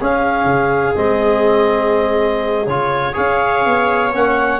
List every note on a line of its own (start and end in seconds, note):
0.00 0.95 C#4
0.00 0.44 C#4
0.00 3.14 G#4
0.00 0.95 F5
0.44 0.93 C#3
0.95 2.66 G#3
0.95 2.65 C4
0.95 2.66 D#5
2.66 3.15 C#3
2.66 3.13 F4
2.66 3.15 C#5
3.13 3.65 C#4
3.13 4.10 G#4
3.13 4.60 C#5
3.13 4.14 F5
3.65 4.14 B3
4.11 4.60 A#3
4.11 4.60 C#4
4.11 4.60 F#5